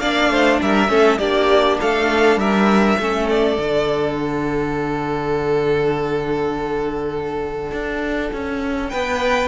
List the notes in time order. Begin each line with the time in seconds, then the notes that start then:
0.00 A#3 D4 D5 F5
0.30 A3 C5
0.62 G3 A#4 E5
0.89 A3 C#4 A4
1.19 A#3 D4 G4 D5
1.81 A3 A4 F5
2.36 G3 A#4 E5
2.99 A3 C#4 A4
3.30 D5
3.57 D3 D4
4.18 F#5
7.72 D4
8.33 C#4
8.89 B3 B4 G5